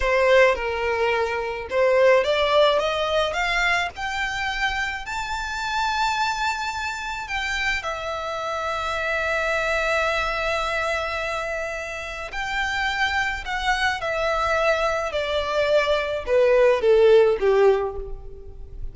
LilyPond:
\new Staff \with { instrumentName = "violin" } { \time 4/4 \tempo 4 = 107 c''4 ais'2 c''4 | d''4 dis''4 f''4 g''4~ | g''4 a''2.~ | a''4 g''4 e''2~ |
e''1~ | e''2 g''2 | fis''4 e''2 d''4~ | d''4 b'4 a'4 g'4 | }